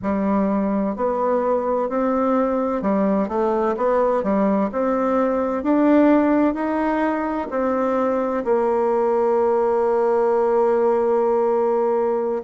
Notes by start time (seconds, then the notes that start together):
0.02 G3
0.95 B3
1.89 C4
2.81 G3
3.28 A3
3.77 B3
4.23 G3
4.71 C4
5.63 D4
6.54 D#4
7.50 C4
8.44 A#3